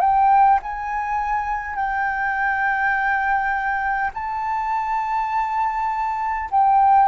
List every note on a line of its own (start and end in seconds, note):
0.00 0.59 G5
0.63 1.75 G#5
1.75 4.11 G5
4.14 6.49 A5
6.51 7.08 G5